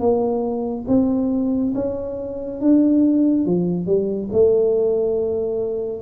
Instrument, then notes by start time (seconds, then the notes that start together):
tuba
0.00 A#3
0.88 C4
1.75 C#4
2.61 D4
3.46 F3
3.87 G3
4.33 A3